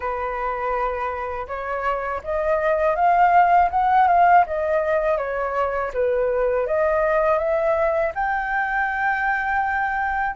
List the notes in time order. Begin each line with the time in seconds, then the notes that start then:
0.00 B4
1.47 C#5
2.23 D#5
2.95 F5
3.70 F#5
4.07 F5
4.46 D#5
5.17 C#5
5.93 B4
6.66 D#5
7.38 E5
8.14 G5